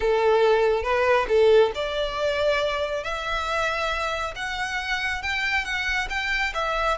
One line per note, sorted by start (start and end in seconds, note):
0.00 0.83 A4
0.83 1.26 B4
1.28 1.71 A4
1.74 3.03 D5
3.03 4.34 E5
4.35 5.22 F#5
5.22 5.64 G5
5.64 6.08 F#5
6.09 6.53 G5
6.54 6.97 E5